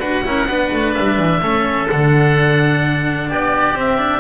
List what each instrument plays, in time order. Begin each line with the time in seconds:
0.00 double bass D4, cello F#4, oboe B4 F#5
0.25 double bass C#4, cello E4, oboe A#4
0.47 double bass B3, cello D4, oboe B4
0.73 double bass A3
0.94 double bass G3, oboe E5
1.18 double bass E3
1.42 double bass A3, cello C#4, oboe A4
1.90 double bass D3, cello D4, oboe F#5
3.29 double bass B3, oboe G4 D5
3.75 double bass C4, cello C4, oboe E5
3.98 cello D4